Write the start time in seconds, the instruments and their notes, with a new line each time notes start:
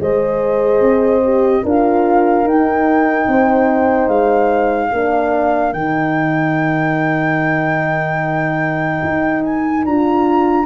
0.00 tuba G#3, horn G#4 C5, flute D#5
0.80 tuba C4
1.24 horn G4
1.63 tuba D4, horn F4 A#4, flute F5
2.44 tuba D#4, horn D#4, flute G5
3.28 tuba C4, horn C5
4.08 tuba G#3, flute F5
4.89 tuba A#3, horn D4 A#4
5.73 tuba D#3, horn D#4, flute G5
9.04 tuba D#4
9.43 flute G#5
9.85 tuba D4, horn F4, flute A#5